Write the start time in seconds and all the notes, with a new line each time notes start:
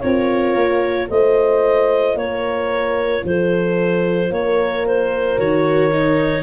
0.00 C4 F4 A#4 C#5
0.54 A#3
1.09 A3 F4 C5 D#5
2.14 A#3 A#4 C#5
3.24 F3 A4 C5
4.30 A#3 A#4 C#5
4.87 C5
5.36 D#3 F#4 C#5
5.92 D#4